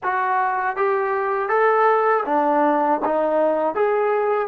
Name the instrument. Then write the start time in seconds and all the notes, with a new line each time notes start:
trombone
0.03 F#4
0.76 G4
1.48 A4
2.25 D4
3.04 D#4
3.74 G#4